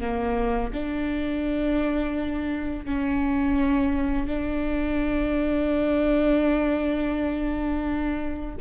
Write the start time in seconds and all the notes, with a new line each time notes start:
0.00 A#3
0.73 D4
2.85 C#4
4.27 D4